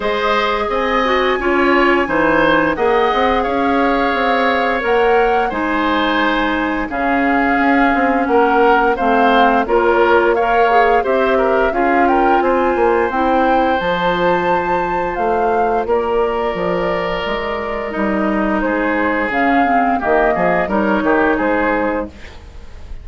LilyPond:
<<
  \new Staff \with { instrumentName = "flute" } { \time 4/4 \tempo 4 = 87 dis''4 gis''2. | fis''4 f''2 fis''4 | gis''2 f''2 | fis''4 f''4 cis''4 f''4 |
e''4 f''8 g''8 gis''4 g''4 | a''2 f''4 d''4~ | d''2 dis''4 c''4 | f''4 dis''4 cis''4 c''4 | }
  \new Staff \with { instrumentName = "oboe" } { \time 4/4 c''4 dis''4 cis''4 c''4 | dis''4 cis''2. | c''2 gis'2 | ais'4 c''4 ais'4 cis''4 |
c''8 ais'8 gis'8 ais'8 c''2~ | c''2. ais'4~ | ais'2. gis'4~ | gis'4 g'8 gis'8 ais'8 g'8 gis'4 | }
  \new Staff \with { instrumentName = "clarinet" } { \time 4/4 gis'4. fis'8 f'4 dis'4 | gis'2. ais'4 | dis'2 cis'2~ | cis'4 c'4 f'4 ais'8 gis'8 |
g'4 f'2 e'4 | f'1~ | f'2 dis'2 | cis'8 c'8 ais4 dis'2 | }
  \new Staff \with { instrumentName = "bassoon" } { \time 4/4 gis4 c'4 cis'4 e4 | ais8 c'8 cis'4 c'4 ais4 | gis2 cis4 cis'8 c'8 | ais4 a4 ais2 |
c'4 cis'4 c'8 ais8 c'4 | f2 a4 ais4 | f4 gis4 g4 gis4 | cis4 dis8 f8 g8 dis8 gis4 | }
>>